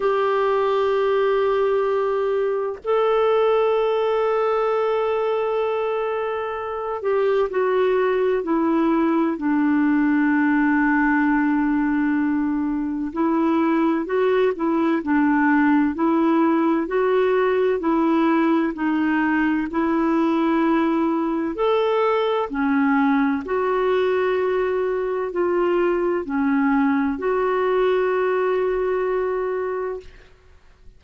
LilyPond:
\new Staff \with { instrumentName = "clarinet" } { \time 4/4 \tempo 4 = 64 g'2. a'4~ | a'2.~ a'8 g'8 | fis'4 e'4 d'2~ | d'2 e'4 fis'8 e'8 |
d'4 e'4 fis'4 e'4 | dis'4 e'2 a'4 | cis'4 fis'2 f'4 | cis'4 fis'2. | }